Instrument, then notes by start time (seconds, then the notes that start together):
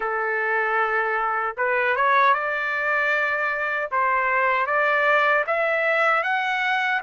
trumpet
0.00 A4
1.57 B4
1.96 C#5
2.34 D5
3.91 C5
4.66 D5
5.47 E5
6.23 F#5